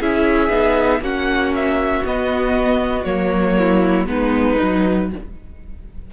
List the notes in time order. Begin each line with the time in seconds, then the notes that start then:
0.00 C#4 E4 G#4 E5
0.50 B3 D#4
1.00 A#3 C#4 F#4 F#5
1.56 E5
2.05 B3 D#5
3.05 F#3 A#3 C#5
3.59 E4
4.07 G#3 B3 D#4 B4
4.59 F#3 D#4